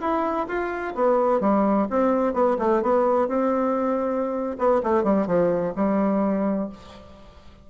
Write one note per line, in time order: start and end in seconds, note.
0.00 0.47 E4
0.47 0.94 F4
0.94 1.40 B3
1.40 1.87 G3
1.90 2.33 C4
2.33 2.57 B3
2.58 2.82 A3
2.82 3.28 B3
3.28 4.57 C4
4.58 4.81 B3
4.83 5.03 A3
5.03 5.26 G3
5.26 5.73 F3
5.75 6.69 G3